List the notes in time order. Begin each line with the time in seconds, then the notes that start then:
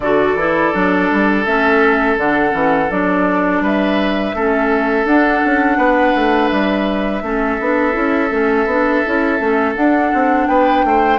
0.00 D3 F#4 A4 D5
0.34 E3 E4
0.73 F#3 D4
1.11 G3
1.45 A3 C#4 E5
2.17 D3 D4 F#5
2.50 E3 C#4
2.90 F#3 D4 D5
3.60 G3 B4 E5
4.34 A3 C#4 A4
5.04 D4 F#5
5.44 C#4
5.77 B3 B4
6.15 A3
6.48 G3 E5
7.22 A3 C#4 A4
7.60 B3 D4
7.92 C#4 E4
8.31 A3 C#4
8.65 B3 D4
9.05 C#4 E4
9.38 A3 C#4
9.75 D4 F#5
10.13 C4
10.46 B3 B4 G5
10.84 A3 C5